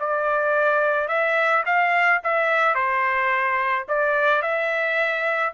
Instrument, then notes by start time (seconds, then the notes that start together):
trumpet
0.00 D5
1.08 E5
1.66 F5
2.24 E5
2.75 C5
3.89 D5
4.42 E5